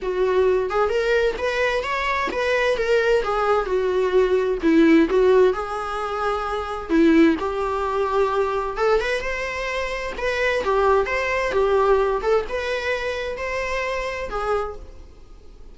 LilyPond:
\new Staff \with { instrumentName = "viola" } { \time 4/4 \tempo 4 = 130 fis'4. gis'8 ais'4 b'4 | cis''4 b'4 ais'4 gis'4 | fis'2 e'4 fis'4 | gis'2. e'4 |
g'2. a'8 b'8 | c''2 b'4 g'4 | c''4 g'4. a'8 b'4~ | b'4 c''2 gis'4 | }